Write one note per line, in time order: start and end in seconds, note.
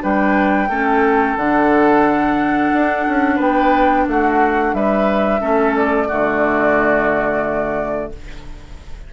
0.00 0.68 G3
0.00 0.67 D4
0.00 0.69 B4
0.00 1.37 G5
0.68 1.36 A3
0.68 1.38 C#4
0.68 3.35 A4
1.36 2.71 D3
1.36 5.40 D4
1.36 3.39 F#5
2.72 3.06 D4
3.08 3.38 C#4
3.35 4.06 B3
3.35 4.03 B4
3.35 4.07 G5
4.07 4.73 A3
4.07 4.75 F#4
4.07 4.74 F#5
4.73 5.41 G3
4.73 5.41 B4
4.73 5.75 E5
5.40 6.09 A3
5.40 6.07 C#4
5.40 6.07 A4
5.76 8.12 D5
6.07 8.13 D3
6.07 8.12 A3
6.07 8.10 F#4